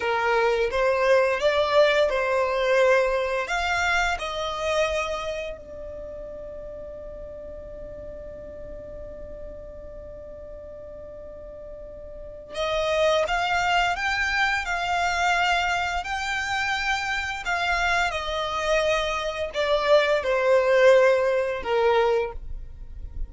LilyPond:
\new Staff \with { instrumentName = "violin" } { \time 4/4 \tempo 4 = 86 ais'4 c''4 d''4 c''4~ | c''4 f''4 dis''2 | d''1~ | d''1~ |
d''2 dis''4 f''4 | g''4 f''2 g''4~ | g''4 f''4 dis''2 | d''4 c''2 ais'4 | }